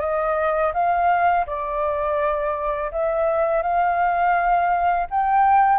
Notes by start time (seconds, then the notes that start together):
0.00 D#5
0.74 F5
1.47 D5
2.91 E5
3.62 F5
5.11 G5